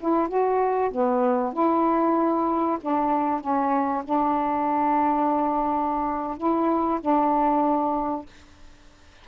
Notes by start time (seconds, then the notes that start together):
0.00 E4
0.29 F#4
0.91 B3
1.53 E4
2.82 D4
3.41 C#4
4.05 D4
6.38 E4
7.01 D4